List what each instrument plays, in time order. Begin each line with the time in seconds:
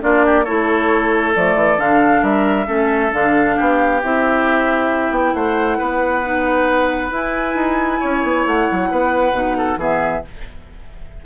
0.00 bassoon A#3, clarinet D4, oboe F4, flute D5
0.25 oboe G4
0.44 bassoon A3, clarinet E4, oboe A4, flute C#5
1.35 bassoon F3, clarinet A3, flute D5
1.55 bassoon E3
1.78 bassoon D3, clarinet D4, flute F5
2.22 bassoon G3, oboe A#4, flute E5
2.66 bassoon A3, clarinet C#4, oboe A4
3.12 bassoon D3, clarinet D4, flute F5
3.56 bassoon B3, oboe G4
4.03 bassoon C4, clarinet E4, flute E5
5.10 bassoon B3, flute G5
5.34 bassoon A3, oboe C5, flute F#5
5.78 bassoon B3, oboe B4
6.24 clarinet D#4
7.11 clarinet E4, bassoon E4, flute G#5
7.54 bassoon D#4
8.00 bassoon C#4, oboe C#5
8.23 bassoon B3
8.46 bassoon A3, flute F#5
8.71 bassoon F#3
8.91 bassoon B3, oboe B4
9.32 bassoon B2, clarinet D#4
9.57 oboe A4
9.76 bassoon E3, clarinet B3, oboe G#4, flute E5